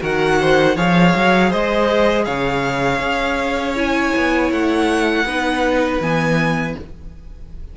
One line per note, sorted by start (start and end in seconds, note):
0.00 0.77 D#3
0.00 0.75 F#4
0.00 0.39 A#4
0.00 0.78 F#5
0.40 0.76 C5
0.76 1.14 F3
0.76 3.76 G#4
0.76 1.50 C#5
0.76 1.52 F5
1.15 1.53 F#3
1.50 2.27 G#3
1.50 2.25 C5
1.50 2.25 D#5
2.25 3.00 C#3
2.25 5.25 C#5
2.25 3.75 F5
3.00 4.12 C#4
3.76 5.26 E4
3.76 4.52 G#5
4.17 4.52 B3
4.52 5.25 A3
4.52 6.02 F#5
5.25 6.00 B3
5.25 6.02 D#4
5.25 6.76 B4
6.00 6.75 E3
6.00 6.77 B3
6.00 6.77 G#5